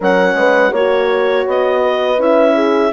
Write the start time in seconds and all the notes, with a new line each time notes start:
0.00 F#3 C#4 A#4 F#5
0.34 G#3 B4
0.71 A#3 F#4 C#5
1.47 B3 D#5
1.82 B4
2.18 C#4 E4 E5
2.55 G#4